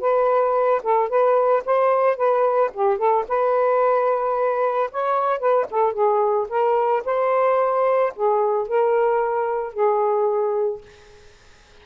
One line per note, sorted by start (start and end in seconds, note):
0.00 0.81 B4
0.83 1.09 A4
1.09 1.63 B4
1.65 2.17 C5
2.17 2.71 B4
2.73 2.98 G4
2.98 3.25 A4
3.28 4.90 B4
4.91 5.39 C#5
5.39 5.66 B4
5.71 5.93 A4
5.93 6.47 G#4
6.49 7.03 A#4
7.05 8.13 C5
8.16 8.68 G#4
8.68 9.73 A#4
9.73 10.82 G#4